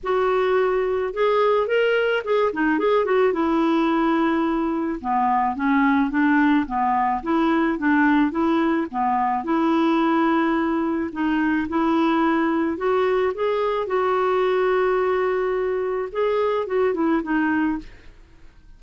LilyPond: \new Staff \with { instrumentName = "clarinet" } { \time 4/4 \tempo 4 = 108 fis'2 gis'4 ais'4 | gis'8 dis'8 gis'8 fis'8 e'2~ | e'4 b4 cis'4 d'4 | b4 e'4 d'4 e'4 |
b4 e'2. | dis'4 e'2 fis'4 | gis'4 fis'2.~ | fis'4 gis'4 fis'8 e'8 dis'4 | }